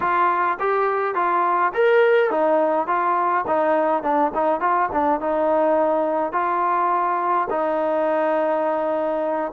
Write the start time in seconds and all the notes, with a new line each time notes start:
0.00 F4
0.59 G4
1.14 F4
1.73 A#4
2.30 D#4
2.87 F4
3.47 D#4
4.02 D4
4.34 D#4
4.60 F4
4.92 D4
5.20 D#4
6.32 F4
7.50 D#4